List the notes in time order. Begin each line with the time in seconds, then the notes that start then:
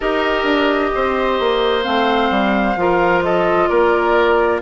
0.00 D#4 G4 A#4 D#5
0.43 D4
0.94 C4 C5
1.39 A#3
1.83 A3 C4 F5
2.30 G3
2.76 F3 F4 A#4
3.22 A4 D#5
3.68 A#3 A#4 D5